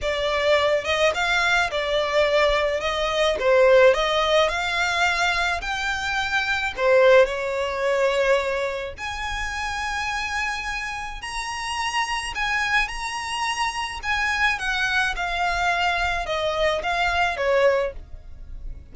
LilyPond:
\new Staff \with { instrumentName = "violin" } { \time 4/4 \tempo 4 = 107 d''4. dis''8 f''4 d''4~ | d''4 dis''4 c''4 dis''4 | f''2 g''2 | c''4 cis''2. |
gis''1 | ais''2 gis''4 ais''4~ | ais''4 gis''4 fis''4 f''4~ | f''4 dis''4 f''4 cis''4 | }